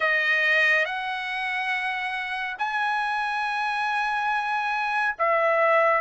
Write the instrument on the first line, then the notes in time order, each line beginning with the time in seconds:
trumpet
0.00 D#5
0.85 F#5
2.58 G#5
5.18 E5